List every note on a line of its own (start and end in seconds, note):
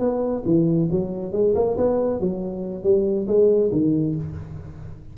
0.00 0.43 B3
0.46 0.90 E3
0.91 1.33 F#3
1.33 1.55 G#3
1.55 1.77 A#3
1.77 2.21 B3
2.21 2.84 F#3
2.84 3.27 G3
3.28 3.71 G#3
3.72 4.16 D#3